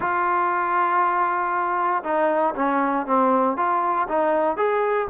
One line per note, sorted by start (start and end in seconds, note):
0.00 2.03 F4
2.03 2.54 D#4
2.55 3.06 C#4
3.06 3.56 C4
3.56 4.07 F4
4.08 4.56 D#4
4.56 5.07 G#4